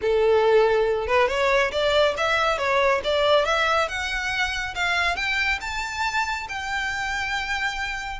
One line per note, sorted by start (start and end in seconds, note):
0.01 1.07 A4
1.07 1.28 B4
1.28 1.71 C#5
1.71 2.14 D5
2.17 2.58 E5
2.58 3.01 C#5
3.04 3.45 D5
3.45 3.88 E5
3.88 4.74 F#5
4.74 5.16 F5
5.16 5.59 G5
5.61 6.47 A5
6.48 8.19 G5